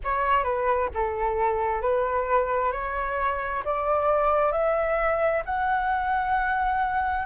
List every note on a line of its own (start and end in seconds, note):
0.03 0.43 C#5
0.43 0.89 B4
0.94 1.81 A4
1.81 2.72 B4
2.72 3.63 C#5
3.64 4.52 D5
4.52 5.43 E5
5.45 7.25 F#5